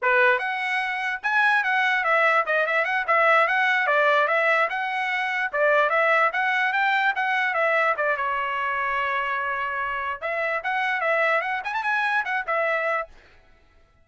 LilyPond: \new Staff \with { instrumentName = "trumpet" } { \time 4/4 \tempo 4 = 147 b'4 fis''2 gis''4 | fis''4 e''4 dis''8 e''8 fis''8 e''8~ | e''8 fis''4 d''4 e''4 fis''8~ | fis''4. d''4 e''4 fis''8~ |
fis''8 g''4 fis''4 e''4 d''8 | cis''1~ | cis''4 e''4 fis''4 e''4 | fis''8 gis''16 a''16 gis''4 fis''8 e''4. | }